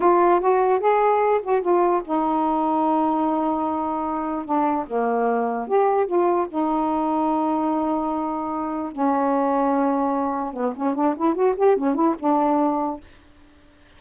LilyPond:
\new Staff \with { instrumentName = "saxophone" } { \time 4/4 \tempo 4 = 148 f'4 fis'4 gis'4. fis'8 | f'4 dis'2.~ | dis'2. d'4 | ais2 g'4 f'4 |
dis'1~ | dis'2 cis'2~ | cis'2 b8 cis'8 d'8 e'8 | fis'8 g'8 cis'8 e'8 d'2 | }